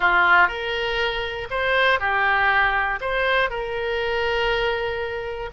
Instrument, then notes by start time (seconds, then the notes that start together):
oboe
0.00 F4
0.48 A#4
1.50 C5
1.99 G4
3.00 C5
3.50 A#4